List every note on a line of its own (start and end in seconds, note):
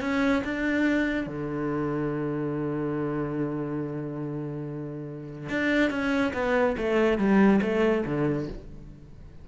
0.00 0.42 C#4
0.44 1.26 D4
1.26 5.49 D3
5.49 5.90 D4
5.90 6.32 C#4
6.33 6.75 B3
6.77 7.18 A3
7.18 7.60 G3
7.62 8.04 A3
8.06 8.48 D3